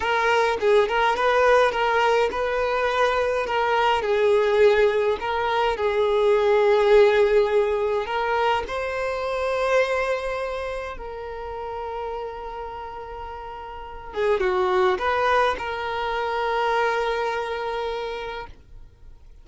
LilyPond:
\new Staff \with { instrumentName = "violin" } { \time 4/4 \tempo 4 = 104 ais'4 gis'8 ais'8 b'4 ais'4 | b'2 ais'4 gis'4~ | gis'4 ais'4 gis'2~ | gis'2 ais'4 c''4~ |
c''2. ais'4~ | ais'1~ | ais'8 gis'8 fis'4 b'4 ais'4~ | ais'1 | }